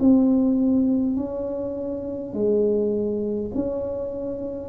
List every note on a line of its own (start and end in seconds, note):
0.00 1.17 C4
1.17 2.33 C#4
2.33 3.51 G#3
3.55 4.69 C#4